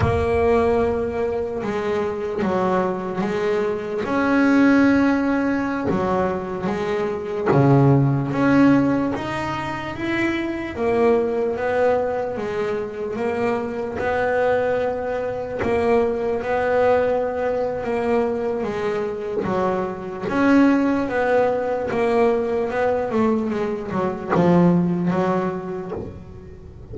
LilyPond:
\new Staff \with { instrumentName = "double bass" } { \time 4/4 \tempo 4 = 74 ais2 gis4 fis4 | gis4 cis'2~ cis'16 fis8.~ | fis16 gis4 cis4 cis'4 dis'8.~ | dis'16 e'4 ais4 b4 gis8.~ |
gis16 ais4 b2 ais8.~ | ais16 b4.~ b16 ais4 gis4 | fis4 cis'4 b4 ais4 | b8 a8 gis8 fis8 f4 fis4 | }